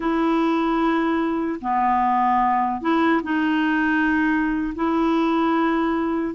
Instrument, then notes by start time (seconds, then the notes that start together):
clarinet
0.00 E4
1.61 B3
2.81 E4
3.23 D#4
4.75 E4